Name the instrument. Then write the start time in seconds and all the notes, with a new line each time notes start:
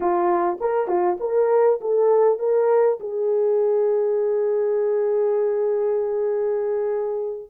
horn
0.00 F4
0.60 A#4
0.87 F4
1.20 A#4
1.81 A4
2.38 A#4
3.00 G#4